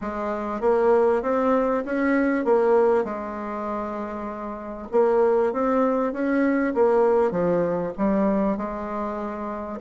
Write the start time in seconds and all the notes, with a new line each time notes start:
0.01 G#3
0.61 A#3
1.22 C4
1.85 C#4
2.45 A#3
3.04 G#3
4.91 A#3
5.52 C4
6.13 C#4
6.74 A#3
7.31 F3
7.97 G3
8.57 G#3